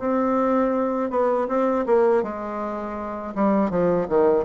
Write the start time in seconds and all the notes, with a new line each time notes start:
0.00 C4
1.11 B3
1.49 C4
1.87 A#3
2.24 G#3
3.36 G3
3.71 F3
4.09 D#3